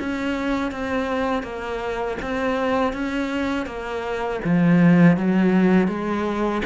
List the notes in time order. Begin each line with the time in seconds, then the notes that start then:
0.00 C#4
0.72 C4
1.43 A#3
2.22 C4
2.94 C#4
3.67 A#3
4.45 F3
5.18 F#3
5.88 G#3